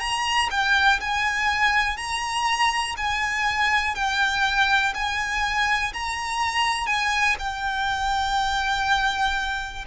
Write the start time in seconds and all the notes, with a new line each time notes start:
0.00 A#5
0.51 G5
1.01 G#5
1.97 A#5
2.97 G#5
3.95 G5
4.94 G#5
5.93 A#5
6.87 G#5
7.39 G5